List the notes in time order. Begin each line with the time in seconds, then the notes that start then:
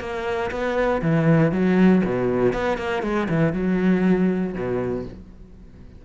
0.00 A#3
0.51 B3
1.02 E3
1.52 F#3
2.05 B2
2.53 B3
2.78 A#3
3.03 G#3
3.29 E3
3.53 F#3
4.54 B2